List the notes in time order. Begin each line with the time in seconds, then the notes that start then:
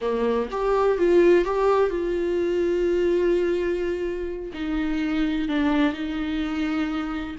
0.01 A#3
0.50 G4
0.98 F4
1.44 G4
1.90 F4
4.53 D#4
5.48 D4
5.93 D#4